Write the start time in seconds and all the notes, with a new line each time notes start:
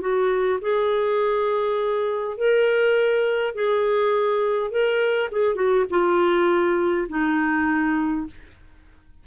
0.00 F#4
0.61 G#4
2.37 A#4
3.54 G#4
4.70 A#4
5.31 G#4
5.55 F#4
5.90 F4
7.09 D#4